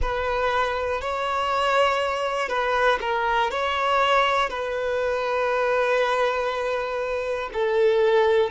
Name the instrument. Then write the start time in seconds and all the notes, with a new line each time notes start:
violin
0.01 B4
1.00 C#5
2.48 B4
3.00 A#4
3.50 C#5
4.49 B4
7.53 A4